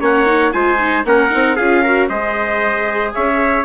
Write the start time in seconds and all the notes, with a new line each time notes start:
0.00 A#3 C#4 C#5 F#5
0.26 D#4
0.52 G#3 F4 C5 G#5
0.79 D#4
1.04 A#3 C#4 A#4 F#5
1.30 C4 D#4
1.56 C#4 F4 G#4 F5
1.82 F#4 A#4
2.09 G#3 G#4 C5 D#5
3.14 C#4 C#5 E5